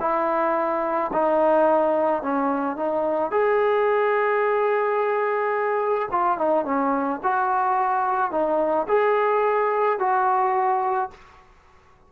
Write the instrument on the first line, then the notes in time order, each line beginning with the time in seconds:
trombone
0.00 E4
1.13 D#4
2.22 C#4
2.76 D#4
3.31 G#4
6.11 F4
6.38 D#4
6.65 C#4
7.23 F#4
8.31 D#4
8.88 G#4
9.99 F#4